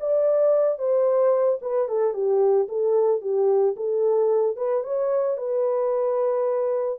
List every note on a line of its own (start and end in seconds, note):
0.00 0.78 D5
0.78 1.59 C5
1.62 1.89 B4
1.89 2.14 A4
2.14 2.68 G4
2.69 3.21 A4
3.21 3.75 G4
3.76 4.57 A4
4.57 4.84 B4
4.84 5.37 C#5
5.37 6.99 B4